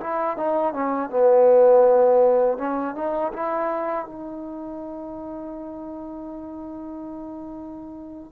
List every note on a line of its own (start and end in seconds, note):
0.00 0.37 E4
0.37 0.73 D#4
0.73 1.09 C#4
1.09 2.58 B3
2.58 2.95 C#4
2.95 3.32 D#4
3.33 4.06 E4
4.06 8.31 D#4